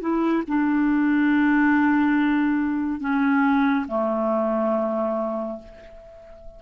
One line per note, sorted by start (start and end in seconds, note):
0.00 0.43 E4
0.48 3.00 D4
3.00 3.86 C#4
3.88 5.59 A3